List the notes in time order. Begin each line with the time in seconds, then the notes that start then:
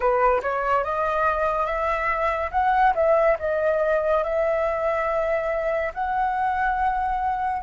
0.00 B4
0.42 C#5
0.83 D#5
1.66 E5
2.51 F#5
2.94 E5
3.39 D#5
4.23 E5
5.93 F#5